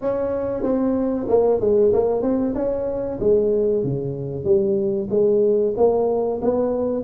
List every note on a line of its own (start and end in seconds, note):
0.01 0.62 C#4
0.62 1.26 C4
1.28 1.60 A#3
1.60 1.92 G#3
1.93 2.22 A#3
2.22 2.54 C4
2.54 3.18 C#4
3.19 3.83 G#3
3.83 4.44 C#3
4.44 5.08 G3
5.09 5.73 G#3
5.76 6.40 A#3
6.41 7.03 B3